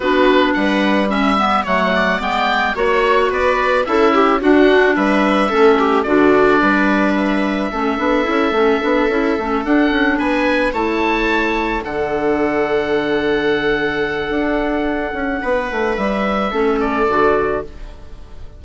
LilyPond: <<
  \new Staff \with { instrumentName = "oboe" } { \time 4/4 \tempo 4 = 109 b'4 fis''4 e''4 fis''4 | g''4 cis''4 d''4 e''4 | fis''4 e''2 d''4~ | d''4 e''2.~ |
e''4. fis''4 gis''4 a''8~ | a''4. fis''2~ fis''8~ | fis''1~ | fis''4 e''4. d''4. | }
  \new Staff \with { instrumentName = "viola" } { \time 4/4 fis'4 b'4 e''4 cis''8 d''8~ | d''4 cis''4 b'4 a'8 g'8 | fis'4 b'4 a'8 g'8 fis'4 | b'2 a'2~ |
a'2~ a'8 b'4 cis''8~ | cis''4. a'2~ a'8~ | a'1 | b'2 a'2 | }
  \new Staff \with { instrumentName = "clarinet" } { \time 4/4 d'2 cis'8 b8 a4 | b4 fis'2 e'4 | d'2 cis'4 d'4~ | d'2 cis'8 d'8 e'8 cis'8 |
d'8 e'8 cis'8 d'2 e'8~ | e'4. d'2~ d'8~ | d'1~ | d'2 cis'4 fis'4 | }
  \new Staff \with { instrumentName = "bassoon" } { \time 4/4 b4 g2 fis4 | gis4 ais4 b4 cis'4 | d'4 g4 a4 d4 | g2 a8 b8 cis'8 a8 |
b8 cis'8 a8 d'8 cis'8 b4 a8~ | a4. d2~ d8~ | d2 d'4. cis'8 | b8 a8 g4 a4 d4 | }
>>